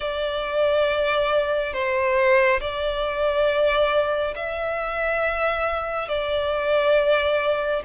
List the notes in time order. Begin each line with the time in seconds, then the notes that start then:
0.00 D5
1.73 C5
2.60 D5
4.35 E5
6.08 D5